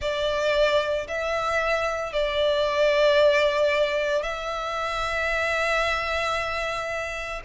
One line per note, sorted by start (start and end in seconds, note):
0.01 1.07 D5
1.07 2.12 E5
2.12 4.23 D5
4.23 7.41 E5